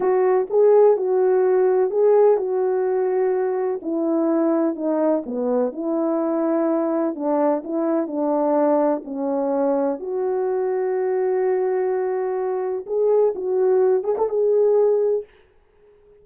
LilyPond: \new Staff \with { instrumentName = "horn" } { \time 4/4 \tempo 4 = 126 fis'4 gis'4 fis'2 | gis'4 fis'2. | e'2 dis'4 b4 | e'2. d'4 |
e'4 d'2 cis'4~ | cis'4 fis'2.~ | fis'2. gis'4 | fis'4. gis'16 a'16 gis'2 | }